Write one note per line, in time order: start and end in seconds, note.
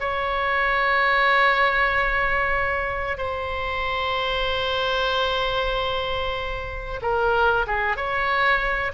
0.00 3.17 C#5
3.17 7.00 C5
7.02 7.66 A#4
7.67 7.96 G#4
7.96 8.92 C#5